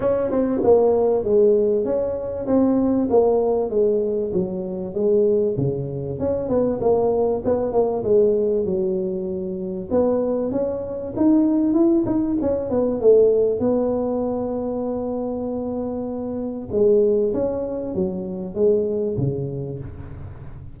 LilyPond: \new Staff \with { instrumentName = "tuba" } { \time 4/4 \tempo 4 = 97 cis'8 c'8 ais4 gis4 cis'4 | c'4 ais4 gis4 fis4 | gis4 cis4 cis'8 b8 ais4 | b8 ais8 gis4 fis2 |
b4 cis'4 dis'4 e'8 dis'8 | cis'8 b8 a4 b2~ | b2. gis4 | cis'4 fis4 gis4 cis4 | }